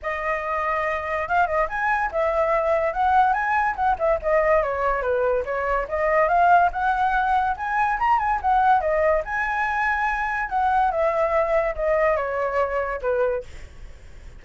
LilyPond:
\new Staff \with { instrumentName = "flute" } { \time 4/4 \tempo 4 = 143 dis''2. f''8 dis''8 | gis''4 e''2 fis''4 | gis''4 fis''8 e''8 dis''4 cis''4 | b'4 cis''4 dis''4 f''4 |
fis''2 gis''4 ais''8 gis''8 | fis''4 dis''4 gis''2~ | gis''4 fis''4 e''2 | dis''4 cis''2 b'4 | }